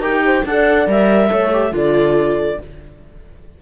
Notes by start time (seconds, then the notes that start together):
0.00 D#4 G4 A#4 G5
0.25 C5
0.45 D4 A4 D5 F#5
0.87 G3 A#4 E5
1.29 A3 A4 C#5
1.53 G4
1.72 D3 F4 A4 D5